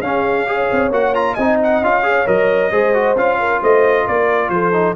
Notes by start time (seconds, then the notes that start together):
0.00 C#4 G#4 F5
0.46 G#4 C#5
0.72 C4
0.91 A#3 F#4 F#5
1.15 F4 A#5
1.34 C4 D#4 D#5 G#5
1.64 F#5
1.82 C#4 F4 F5
2.03 G#4 C#5
2.26 F#3 A#4 D#5
2.72 G#3 G#4 C5
2.94 F#4
3.16 C#4 F4 F5
3.40 A#4
3.60 A3 C5 D#5
4.06 A#3 A#4 D5
4.49 F3 A4 C5
4.73 D#4